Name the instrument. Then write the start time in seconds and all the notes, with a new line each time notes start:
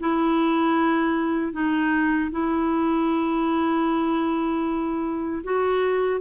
clarinet
0.00 E4
1.52 D#4
2.31 E4
5.43 F#4